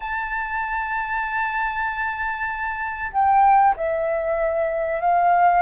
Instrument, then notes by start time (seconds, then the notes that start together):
flute
0.00 A5
3.12 G5
3.76 E5
5.00 F5